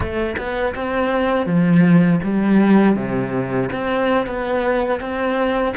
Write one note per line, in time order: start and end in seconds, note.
0.00 0.36 A3
0.37 0.74 B3
0.75 1.46 C4
1.46 2.20 F3
2.23 2.95 G3
2.95 3.69 C3
3.72 4.26 C4
4.26 5.00 B3
5.00 5.74 C4